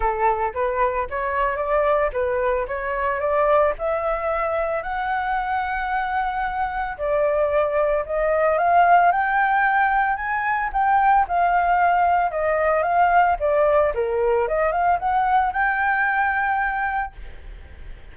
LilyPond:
\new Staff \with { instrumentName = "flute" } { \time 4/4 \tempo 4 = 112 a'4 b'4 cis''4 d''4 | b'4 cis''4 d''4 e''4~ | e''4 fis''2.~ | fis''4 d''2 dis''4 |
f''4 g''2 gis''4 | g''4 f''2 dis''4 | f''4 d''4 ais'4 dis''8 f''8 | fis''4 g''2. | }